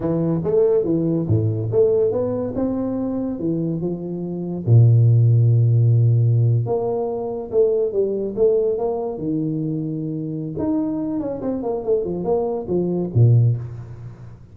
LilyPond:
\new Staff \with { instrumentName = "tuba" } { \time 4/4 \tempo 4 = 142 e4 a4 e4 a,4 | a4 b4 c'2 | e4 f2 ais,4~ | ais,2.~ ais,8. ais16~ |
ais4.~ ais16 a4 g4 a16~ | a8. ais4 dis2~ dis16~ | dis4 dis'4. cis'8 c'8 ais8 | a8 f8 ais4 f4 ais,4 | }